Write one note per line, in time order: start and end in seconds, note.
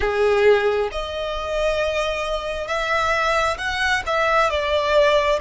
0.00 0.90 G#4
0.91 2.67 D#5
2.67 3.57 E5
3.57 4.02 F#5
4.06 4.49 E5
4.49 5.39 D5